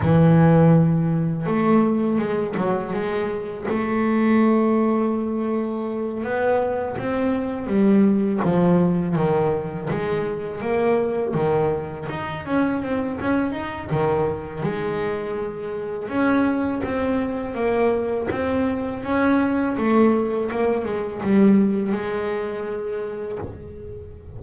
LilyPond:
\new Staff \with { instrumentName = "double bass" } { \time 4/4 \tempo 4 = 82 e2 a4 gis8 fis8 | gis4 a2.~ | a8 b4 c'4 g4 f8~ | f8 dis4 gis4 ais4 dis8~ |
dis8 dis'8 cis'8 c'8 cis'8 dis'8 dis4 | gis2 cis'4 c'4 | ais4 c'4 cis'4 a4 | ais8 gis8 g4 gis2 | }